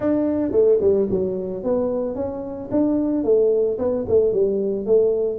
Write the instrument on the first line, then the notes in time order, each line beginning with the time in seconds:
tuba
0.00 D4
0.51 A3
0.81 G3
1.10 F#3
1.63 B3
2.15 C#4
2.71 D4
3.24 A3
3.78 B3
4.08 A3
4.32 G3
4.86 A3